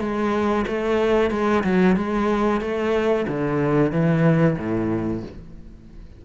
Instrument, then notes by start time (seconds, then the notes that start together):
cello
0.00 G#3
0.67 A3
1.30 G#3
1.63 F#3
1.96 G#3
2.61 A3
3.28 D3
3.92 E3
4.57 A2